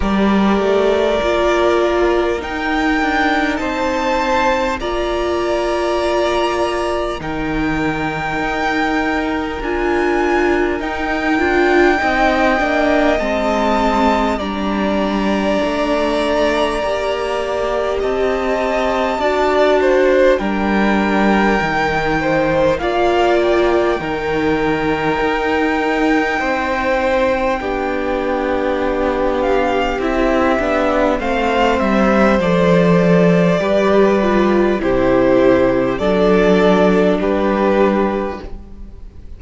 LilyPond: <<
  \new Staff \with { instrumentName = "violin" } { \time 4/4 \tempo 4 = 50 d''2 g''4 a''4 | ais''2 g''2 | gis''4 g''2 a''4 | ais''2. a''4~ |
a''4 g''2 f''8 g''8~ | g''1~ | g''8 f''8 e''4 f''8 e''8 d''4~ | d''4 c''4 d''4 b'4 | }
  \new Staff \with { instrumentName = "violin" } { \time 4/4 ais'2. c''4 | d''2 ais'2~ | ais'2 dis''2 | d''2. dis''4 |
d''8 c''8 ais'4. c''8 d''4 | ais'2 c''4 g'4~ | g'2 c''2 | b'4 g'4 a'4 g'4 | }
  \new Staff \with { instrumentName = "viola" } { \time 4/4 g'4 f'4 dis'2 | f'2 dis'2 | f'4 dis'8 f'8 dis'8 d'8 c'4 | d'2 g'2 |
fis'4 d'4 dis'4 f'4 | dis'2. d'4~ | d'4 e'8 d'8 c'4 a'4 | g'8 f'8 e'4 d'2 | }
  \new Staff \with { instrumentName = "cello" } { \time 4/4 g8 a8 ais4 dis'8 d'8 c'4 | ais2 dis4 dis'4 | d'4 dis'8 d'8 c'8 ais8 gis4 | g4 a4 ais4 c'4 |
d'4 g4 dis4 ais4 | dis4 dis'4 c'4 b4~ | b4 c'8 b8 a8 g8 f4 | g4 c4 fis4 g4 | }
>>